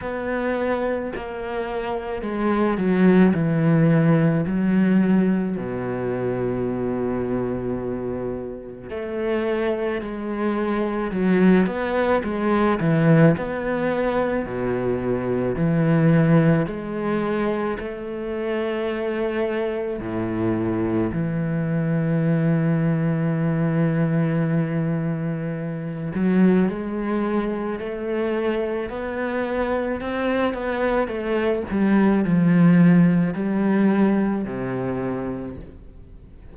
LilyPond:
\new Staff \with { instrumentName = "cello" } { \time 4/4 \tempo 4 = 54 b4 ais4 gis8 fis8 e4 | fis4 b,2. | a4 gis4 fis8 b8 gis8 e8 | b4 b,4 e4 gis4 |
a2 a,4 e4~ | e2.~ e8 fis8 | gis4 a4 b4 c'8 b8 | a8 g8 f4 g4 c4 | }